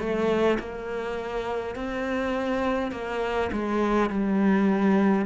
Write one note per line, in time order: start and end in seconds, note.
0.00 0.59 A3
0.60 1.76 A#3
1.76 2.92 C4
2.92 3.51 A#3
3.52 4.10 G#3
4.10 5.26 G3